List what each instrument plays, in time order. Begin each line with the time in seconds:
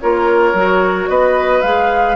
0.00 bassoon A#3, clarinet F4, oboe A#4, flute C#5
0.53 bassoon F#3, clarinet F#4
1.08 bassoon B3, oboe B4, flute D#5
1.61 bassoon G#3, clarinet G#4, flute F5